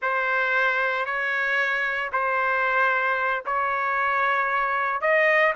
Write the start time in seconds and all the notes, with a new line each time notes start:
0.02 C5
1.05 C#5
2.12 C5
3.45 C#5
5.01 D#5